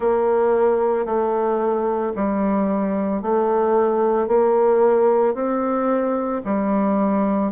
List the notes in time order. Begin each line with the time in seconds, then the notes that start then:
0.00 A#3
1.05 A3
2.15 G3
3.21 A3
4.27 A#3
5.34 C4
6.44 G3